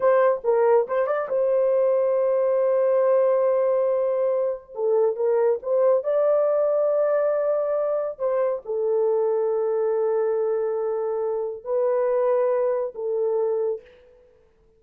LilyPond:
\new Staff \with { instrumentName = "horn" } { \time 4/4 \tempo 4 = 139 c''4 ais'4 c''8 d''8 c''4~ | c''1~ | c''2. a'4 | ais'4 c''4 d''2~ |
d''2. c''4 | a'1~ | a'2. b'4~ | b'2 a'2 | }